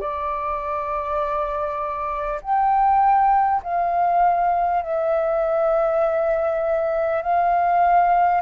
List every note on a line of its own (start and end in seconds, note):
0.00 2.40 D5
2.42 3.62 G5
3.63 4.82 F5
4.82 7.22 E5
7.22 8.41 F5